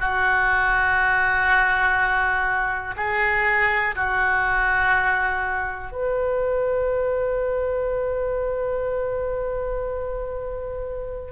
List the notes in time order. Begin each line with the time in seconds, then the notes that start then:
0.00 F#4
2.97 G#4
3.96 F#4
5.92 B4